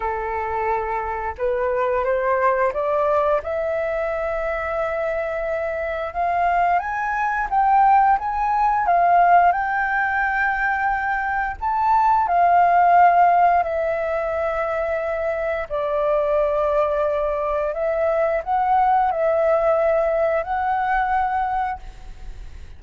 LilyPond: \new Staff \with { instrumentName = "flute" } { \time 4/4 \tempo 4 = 88 a'2 b'4 c''4 | d''4 e''2.~ | e''4 f''4 gis''4 g''4 | gis''4 f''4 g''2~ |
g''4 a''4 f''2 | e''2. d''4~ | d''2 e''4 fis''4 | e''2 fis''2 | }